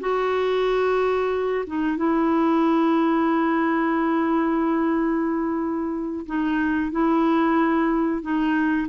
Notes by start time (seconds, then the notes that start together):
0.00 F#4
1.66 D#4
1.97 E4
6.26 D#4
6.91 E4
8.21 D#4